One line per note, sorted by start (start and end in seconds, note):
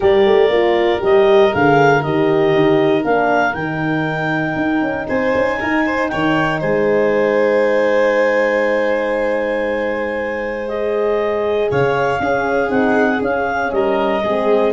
0.00 0.26 G3
0.00 0.51 G4
0.00 5.05 A#4
0.00 1.03 D5
0.26 0.49 A3
0.49 1.00 A#3
0.49 0.99 F4
0.99 1.53 G3
0.99 1.50 G4
0.99 1.54 D#5
1.51 2.04 D3
1.51 2.01 G#4
1.51 2.02 F5
2.02 2.55 D#3
2.02 3.03 G4
2.02 3.04 D#5
2.55 3.04 D#4
3.03 3.54 A#3
3.03 3.54 D4
3.03 3.54 F5
3.54 4.56 D#3
3.54 10.68 D#4
3.54 5.06 G5
4.56 4.81 D#4
4.81 5.07 C#4
5.08 5.34 C4
5.08 5.59 C5
5.08 6.08 G#5
5.35 5.61 C#4
5.59 6.13 D#4
5.59 5.85 A#4
5.85 6.10 C5
6.08 6.62 D#3
6.08 6.60 C#5
6.08 6.59 G5
6.60 11.70 G#3
6.60 11.68 C5
6.60 10.68 G#5
10.68 12.19 G#4
10.68 11.70 D#5
11.70 12.19 C#3
11.70 12.21 C#5
11.70 12.70 F5
12.19 12.67 C#4
12.19 12.69 C#4
12.19 13.74 G#4
12.67 13.20 C4
12.67 13.18 D#4
12.67 13.21 F#5
13.21 13.72 C#4
13.21 14.23 C#4
13.21 13.71 F5
13.71 14.22 G3
13.71 14.23 A#4
13.71 14.73 D#5
14.23 14.73 G#3
14.23 14.73 C4
14.23 14.73 G#4